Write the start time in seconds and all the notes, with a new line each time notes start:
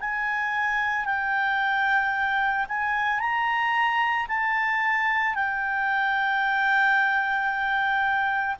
0.00 G#5
1.05 G5
2.68 G#5
3.20 A#5
4.28 A5
5.35 G5